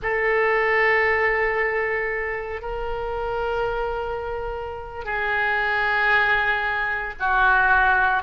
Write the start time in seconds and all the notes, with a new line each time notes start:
0.02 A4
2.61 A#4
5.05 G#4
7.19 F#4